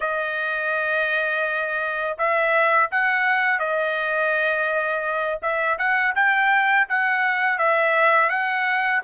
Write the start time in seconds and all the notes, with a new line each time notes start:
0.00 D#5
2.18 E5
2.91 F#5
3.59 D#5
5.42 E5
5.78 F#5
6.15 G5
6.88 F#5
7.58 E5
8.29 F#5